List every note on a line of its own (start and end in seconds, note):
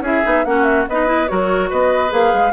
0.00 0.21 C#4
0.00 0.23 E4
0.00 0.45 G#4
0.00 0.45 E5
0.23 0.45 B3
0.23 0.44 D#4
0.45 0.87 A#3
0.45 0.87 C#4
0.45 0.89 F#4
0.45 0.64 F#5
0.64 0.85 E5
0.88 1.30 B3
0.88 1.06 D#4
0.88 1.31 B4
0.88 1.27 D#5
1.06 1.27 E4
1.27 1.71 F#3
1.27 2.09 F#4
1.27 1.70 A#4
1.27 1.69 C#5
1.70 2.12 B3
1.70 2.53 B4
1.70 2.12 D#5
2.09 2.33 A#3
2.09 2.50 G#4
2.09 2.53 F5
2.33 2.53 G#3